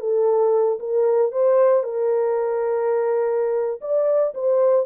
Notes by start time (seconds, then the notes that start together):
0.00 A4
0.80 A#4
1.32 C5
1.83 A#4
3.81 D5
4.34 C5